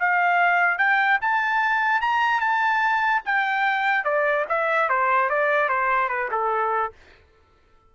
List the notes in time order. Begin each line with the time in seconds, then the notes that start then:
0.00 F5
0.78 G5
1.22 A5
2.01 A#5
2.41 A5
3.25 G5
4.04 D5
4.49 E5
4.89 C5
5.30 D5
5.69 C5
6.09 B4
6.32 A4